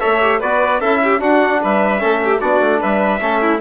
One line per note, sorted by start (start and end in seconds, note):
0.00 0.42 A3
0.00 0.20 A4
0.00 0.39 C#5
0.00 0.40 E5
0.21 0.41 G4
0.39 0.80 B3
0.39 0.82 F#4
0.39 0.79 B4
0.39 0.80 D5
0.80 1.20 C#4
0.80 1.19 E4
0.80 1.00 A4
0.80 1.20 E5
1.03 1.21 G4
1.19 1.98 D4
1.19 1.61 D4
1.19 1.61 F#4
1.19 1.62 F#5
1.62 2.03 G3
1.62 2.00 B4
1.62 2.40 E5
1.98 2.41 A3
1.98 2.38 C#4
1.98 2.20 A4
2.24 2.40 G4
2.40 2.60 B3
2.40 3.20 D4
2.40 2.80 F#4
2.40 2.80 D5
2.60 2.80 A3
2.80 3.21 G3
2.80 3.20 B4
2.80 3.60 E5
3.20 3.60 A3
3.20 3.60 C#4
3.20 3.41 A4
3.41 3.60 E4